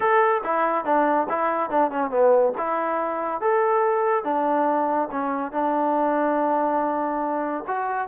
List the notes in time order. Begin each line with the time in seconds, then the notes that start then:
0.00 A4
0.44 E4
0.84 D4
1.29 E4
1.70 D4
1.90 C#4
2.10 B3
2.57 E4
3.40 A4
4.23 D4
5.11 C#4
5.51 D4
7.67 F#4